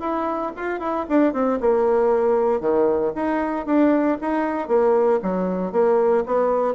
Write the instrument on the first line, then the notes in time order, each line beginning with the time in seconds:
bassoon
0.00 E4
0.56 F4
0.79 E4
1.08 D4
1.33 C4
1.60 A#3
2.60 D#3
3.15 D#4
3.66 D4
4.21 D#4
4.68 A#3
5.22 F#3
5.72 A#3
6.26 B3